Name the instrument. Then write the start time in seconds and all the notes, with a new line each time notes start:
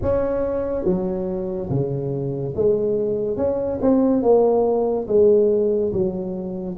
tuba
0.02 C#4
0.84 F#3
1.69 C#3
2.55 G#3
3.36 C#4
3.81 C4
4.22 A#3
5.07 G#3
5.92 F#3